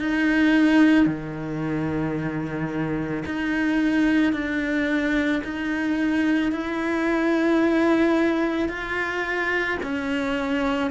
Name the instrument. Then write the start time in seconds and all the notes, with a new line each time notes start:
cello
0.00 D#4
1.06 D#3
3.26 D#4
4.33 D4
5.44 D#4
6.53 E4
8.69 F4
9.83 C#4